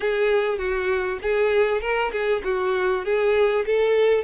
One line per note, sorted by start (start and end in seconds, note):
0.00 0.58 G#4
0.58 1.18 F#4
1.21 1.81 G#4
1.81 2.11 A#4
2.12 2.42 G#4
2.44 3.04 F#4
3.04 3.65 G#4
3.65 4.24 A4